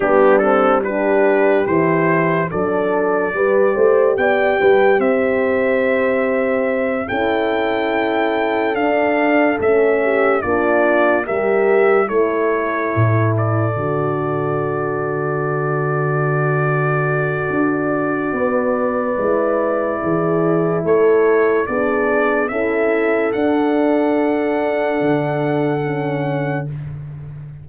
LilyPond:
<<
  \new Staff \with { instrumentName = "trumpet" } { \time 4/4 \tempo 4 = 72 g'8 a'8 b'4 c''4 d''4~ | d''4 g''4 e''2~ | e''8 g''2 f''4 e''8~ | e''8 d''4 e''4 cis''4. |
d''1~ | d''1~ | d''4 cis''4 d''4 e''4 | fis''1 | }
  \new Staff \with { instrumentName = "horn" } { \time 4/4 d'4 g'2 a'4 | b'8 c''8 d''8 b'8 c''2~ | c''8 a'2.~ a'8 | g'8 f'4 ais'4 a'4.~ |
a'1~ | a'2 b'2 | gis'4 a'4 gis'4 a'4~ | a'1 | }
  \new Staff \with { instrumentName = "horn" } { \time 4/4 b8 c'8 d'4 e'4 d'4 | g'1~ | g'8 e'2 d'4 cis'8~ | cis'8 d'4 g'4 e'4.~ |
e'8 fis'2.~ fis'8~ | fis'2. e'4~ | e'2 d'4 e'4 | d'2. cis'4 | }
  \new Staff \with { instrumentName = "tuba" } { \time 4/4 g2 e4 fis4 | g8 a8 b8 g8 c'2~ | c'8 cis'2 d'4 a8~ | a8 ais4 g4 a4 a,8~ |
a,8 d2.~ d8~ | d4 d'4 b4 gis4 | e4 a4 b4 cis'4 | d'2 d2 | }
>>